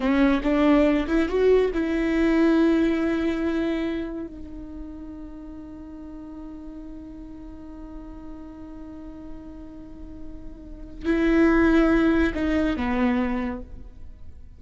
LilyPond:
\new Staff \with { instrumentName = "viola" } { \time 4/4 \tempo 4 = 141 cis'4 d'4. e'8 fis'4 | e'1~ | e'2 dis'2~ | dis'1~ |
dis'1~ | dis'1~ | dis'2 e'2~ | e'4 dis'4 b2 | }